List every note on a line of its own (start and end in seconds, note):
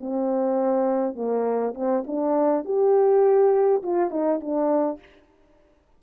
0.00 1.15 C4
1.15 1.74 A#3
1.74 2.03 C4
2.06 2.64 D4
2.64 3.82 G4
3.82 4.10 F4
4.10 4.40 D#4
4.40 4.99 D4